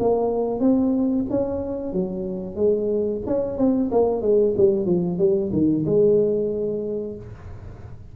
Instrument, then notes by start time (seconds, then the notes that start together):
tuba
0.00 A#3
0.60 C4
1.30 C#4
1.93 F#3
2.56 G#3
3.26 C#4
3.58 C4
3.92 A#3
4.22 G#3
4.57 G3
4.86 F3
5.19 G3
5.53 D#3
5.86 G#3